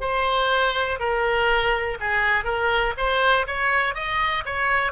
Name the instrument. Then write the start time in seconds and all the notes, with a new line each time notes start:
oboe
0.00 C5
0.99 A#4
2.00 G#4
2.44 A#4
2.97 C5
3.46 C#5
3.94 D#5
4.45 C#5